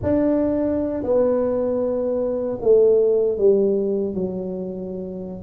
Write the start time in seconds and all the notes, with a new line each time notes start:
0.03 D4
1.03 B3
2.61 A3
3.38 G3
4.14 F#3